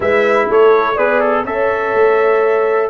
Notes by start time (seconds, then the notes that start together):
0.00 G#3 E4 B4 E5
0.49 A3 A4 C#5
0.94 B3 G#4 B4 D5
1.20 A4
1.44 C#4 A4 C#5 E5
1.94 A3